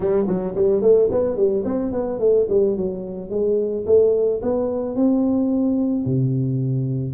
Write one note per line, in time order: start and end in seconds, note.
0.00 0.26 G3
0.27 0.54 F#3
0.55 0.81 G3
0.81 1.09 A3
1.11 1.36 B3
1.36 1.64 G3
1.64 1.91 C4
1.91 2.19 B3
2.19 2.46 A3
2.49 2.76 G3
2.76 3.30 F#3
3.30 3.85 G#3
3.86 4.41 A3
4.42 4.95 B3
4.95 6.05 C4
6.05 7.14 C3